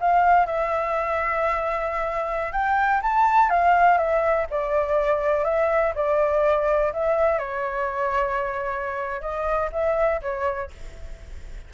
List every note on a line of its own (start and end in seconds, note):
0.00 0.46 F5
0.46 2.52 E5
2.52 3.01 G5
3.02 3.49 A5
3.49 3.97 F5
3.97 4.46 E5
4.50 5.44 D5
5.44 5.93 E5
5.95 6.92 D5
6.93 7.38 E5
7.38 9.21 C#5
9.21 9.69 D#5
9.72 10.21 E5
10.22 10.71 C#5